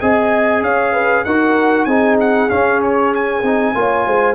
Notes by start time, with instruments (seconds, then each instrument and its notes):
0.00 tuba C4, trombone G#4, horn D#5, trumpet G#5
0.62 tuba C#4, horn C#5, trumpet F5
0.93 horn B4
1.24 tuba D#4, trombone F#4, horn A#4, trumpet F#5
1.84 tuba C4, trombone D#4, horn G#4, trumpet G#5
2.20 trumpet F#5
2.49 trombone C#4, tuba C#4, trumpet F5
2.83 trumpet C#5
3.14 trumpet G#5
3.42 tuba C4, trombone D#4
3.74 tuba A#3, trombone F4, horn C#5
4.06 tuba G#3, horn C5